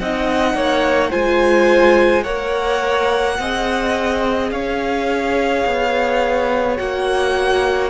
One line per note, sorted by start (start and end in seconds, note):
0.00 0.54 C4
0.00 1.11 D#4
0.00 0.55 D#5
0.00 1.12 F#5
0.54 1.10 A#3
0.54 1.10 C#5
1.10 2.25 G#3
1.10 2.24 F4
1.10 2.23 C5
1.10 2.24 G#5
2.23 3.39 A#3
2.23 3.37 A#4
2.23 3.36 C#5
2.23 4.50 F#5
3.39 4.51 C4
3.39 6.77 G#4
3.39 4.53 D#5
4.51 5.64 C#4
4.51 7.90 C#5
4.51 6.77 F5
5.65 6.79 B3
6.77 7.90 A#3
6.77 7.90 F#4
6.77 7.90 F#5